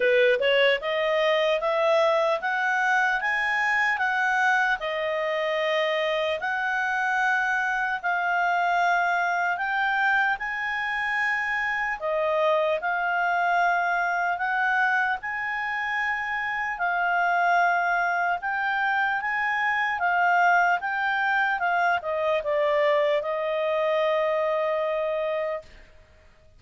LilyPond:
\new Staff \with { instrumentName = "clarinet" } { \time 4/4 \tempo 4 = 75 b'8 cis''8 dis''4 e''4 fis''4 | gis''4 fis''4 dis''2 | fis''2 f''2 | g''4 gis''2 dis''4 |
f''2 fis''4 gis''4~ | gis''4 f''2 g''4 | gis''4 f''4 g''4 f''8 dis''8 | d''4 dis''2. | }